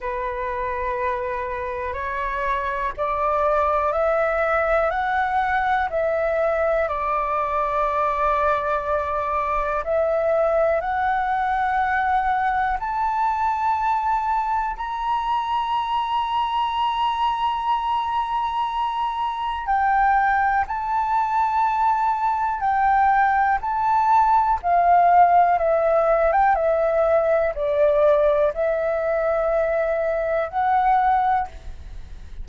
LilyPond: \new Staff \with { instrumentName = "flute" } { \time 4/4 \tempo 4 = 61 b'2 cis''4 d''4 | e''4 fis''4 e''4 d''4~ | d''2 e''4 fis''4~ | fis''4 a''2 ais''4~ |
ais''1 | g''4 a''2 g''4 | a''4 f''4 e''8. g''16 e''4 | d''4 e''2 fis''4 | }